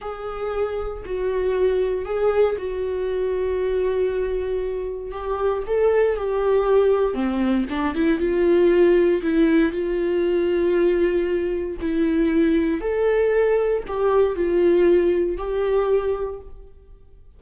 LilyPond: \new Staff \with { instrumentName = "viola" } { \time 4/4 \tempo 4 = 117 gis'2 fis'2 | gis'4 fis'2.~ | fis'2 g'4 a'4 | g'2 c'4 d'8 e'8 |
f'2 e'4 f'4~ | f'2. e'4~ | e'4 a'2 g'4 | f'2 g'2 | }